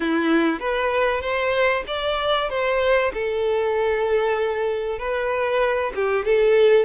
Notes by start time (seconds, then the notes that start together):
0.00 E4
0.59 B4
1.21 C5
1.87 D5
2.49 C5
3.13 A4
4.98 B4
5.95 G4
6.25 A4